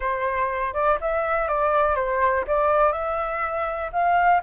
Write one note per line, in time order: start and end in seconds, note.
0.00 0.73 C5
0.73 0.98 D5
1.00 1.48 E5
1.48 1.95 D5
1.95 2.44 C5
2.47 2.92 D5
2.92 3.90 E5
3.92 4.41 F5